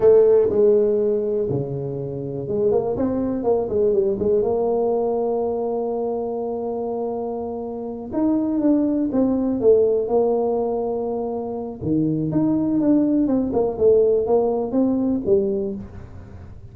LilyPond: \new Staff \with { instrumentName = "tuba" } { \time 4/4 \tempo 4 = 122 a4 gis2 cis4~ | cis4 gis8 ais8 c'4 ais8 gis8 | g8 gis8 ais2.~ | ais1~ |
ais8 dis'4 d'4 c'4 a8~ | a8 ais2.~ ais8 | dis4 dis'4 d'4 c'8 ais8 | a4 ais4 c'4 g4 | }